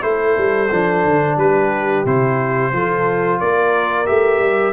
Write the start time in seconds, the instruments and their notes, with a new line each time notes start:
0.00 tuba A3, trombone E4, trumpet C5
0.07 horn A4
0.37 tuba G3
0.71 tuba F3, trombone D4
1.05 tuba D3
1.37 tuba G3, horn G4, trumpet B4
2.05 tuba C3, trombone E4, trumpet C5
2.72 tuba F3, trombone F4, horn A4
3.40 tuba A#3, horn A#4, trumpet D5
4.06 tuba A3, trombone G4, trumpet E5
4.39 tuba G3